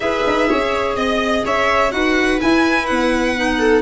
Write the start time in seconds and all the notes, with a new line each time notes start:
0.00 E4 G#4 B4 E5
0.26 D#4
0.49 C#4 C#5
0.95 C4 D#5
1.44 C#4 C#5 E5
1.91 D#4 F#4 B4 F#5
2.40 E4 G#5
2.86 B3 F#5
3.36 D#4
3.59 A4